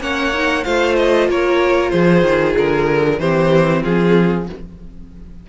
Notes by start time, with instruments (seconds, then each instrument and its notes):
0.00 cello A#3, viola C#4, violin C#5 F#5
0.33 viola D#4
0.63 cello A3, viola F4, violin C5 F5
0.96 violin D#5
1.28 cello A#3, violin A#4 C#5
1.90 cello F3, violin G#4 C5
2.22 cello D#3
2.57 cello D3, violin A#4
3.19 cello E3, viola C4, violin G4 C5
3.83 cello F3, violin F4 G#4